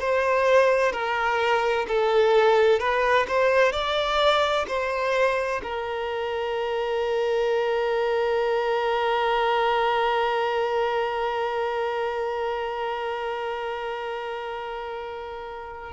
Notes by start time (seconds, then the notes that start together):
0.00 C5
0.92 A#4
1.87 A4
2.79 B4
3.28 C5
3.72 D5
4.68 C5
5.63 A#4